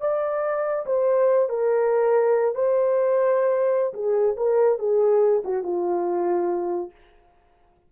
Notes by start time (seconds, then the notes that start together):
0.00 D5
0.86 C5
1.49 A#4
2.55 C5
3.93 G#4
4.36 A#4
4.79 G#4
5.44 F#4
5.63 F4